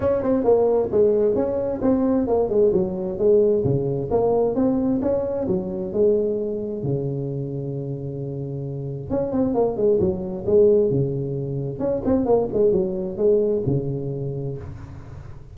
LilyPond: \new Staff \with { instrumentName = "tuba" } { \time 4/4 \tempo 4 = 132 cis'8 c'8 ais4 gis4 cis'4 | c'4 ais8 gis8 fis4 gis4 | cis4 ais4 c'4 cis'4 | fis4 gis2 cis4~ |
cis1 | cis'8 c'8 ais8 gis8 fis4 gis4 | cis2 cis'8 c'8 ais8 gis8 | fis4 gis4 cis2 | }